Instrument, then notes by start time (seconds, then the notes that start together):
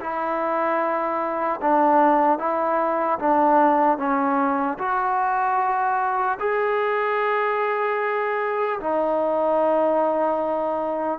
trombone
0.00 E4
1.61 D4
2.39 E4
3.19 D4
3.97 C#4
4.78 F#4
6.39 G#4
8.80 D#4